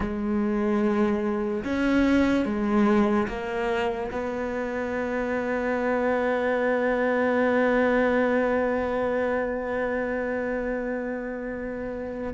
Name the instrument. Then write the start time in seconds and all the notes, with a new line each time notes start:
cello
0.00 G#3
1.64 C#4
2.45 G#3
3.28 A#3
4.11 B3